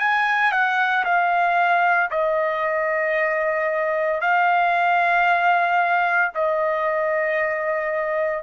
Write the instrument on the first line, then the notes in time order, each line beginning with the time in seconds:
trumpet
0.00 G#5
0.52 F#5
1.05 F5
2.11 D#5
4.22 F5
6.35 D#5